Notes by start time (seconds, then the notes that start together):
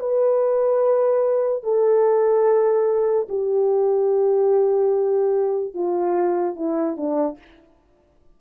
0.00 B4
1.64 A4
3.29 G4
5.75 F4
6.56 E4
6.98 D4